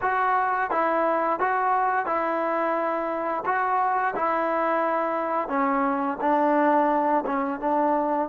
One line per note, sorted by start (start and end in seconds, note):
0.01 0.70 F#4
0.71 1.39 E4
1.39 2.06 F#4
2.06 3.44 E4
3.45 4.14 F#4
4.15 5.48 E4
5.48 6.17 C#4
6.20 7.24 D4
7.26 7.60 C#4
7.60 8.28 D4